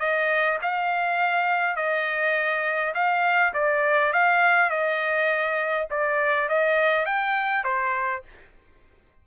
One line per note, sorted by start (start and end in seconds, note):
0.00 0.59 D#5
0.62 1.76 F5
1.76 2.94 D#5
2.95 3.54 F5
3.54 4.13 D5
4.13 4.70 F5
4.70 5.88 D#5
5.91 6.49 D5
6.49 7.06 D#5
7.06 7.64 G5
7.64 8.23 C5